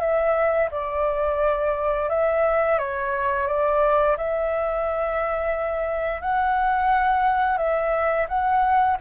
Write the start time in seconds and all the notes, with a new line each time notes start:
0.00 E5
0.71 D5
2.09 E5
2.78 C#5
3.47 D5
4.17 E5
6.21 F#5
7.57 E5
8.28 F#5